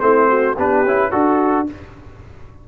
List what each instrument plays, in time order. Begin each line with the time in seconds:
0.00 tuba A3, trombone C4, horn E4, trumpet C5
0.28 horn F#4
0.56 tuba B3, trombone D4, horn G4, trumpet B4
0.85 tuba C#4, trombone E4
1.11 tuba D4, trombone F#4, horn F#4, trumpet A4